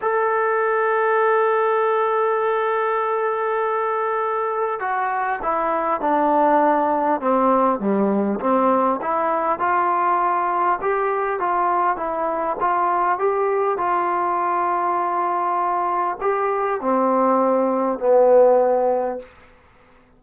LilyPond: \new Staff \with { instrumentName = "trombone" } { \time 4/4 \tempo 4 = 100 a'1~ | a'1 | fis'4 e'4 d'2 | c'4 g4 c'4 e'4 |
f'2 g'4 f'4 | e'4 f'4 g'4 f'4~ | f'2. g'4 | c'2 b2 | }